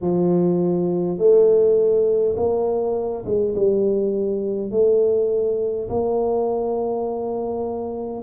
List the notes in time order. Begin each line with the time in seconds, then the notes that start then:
0.01 F3
1.18 A3
2.36 A#3
3.25 G#3
3.55 G3
4.71 A3
5.89 A#3